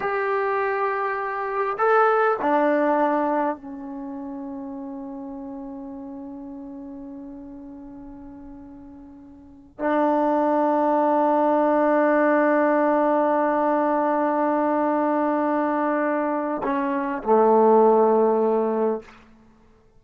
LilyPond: \new Staff \with { instrumentName = "trombone" } { \time 4/4 \tempo 4 = 101 g'2. a'4 | d'2 cis'2~ | cis'1~ | cis'1~ |
cis'8 d'2.~ d'8~ | d'1~ | d'1 | cis'4 a2. | }